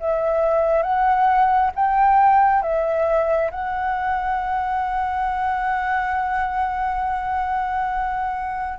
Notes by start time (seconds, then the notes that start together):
0.00 E5
0.83 F#5
1.75 G5
2.62 E5
3.51 F#5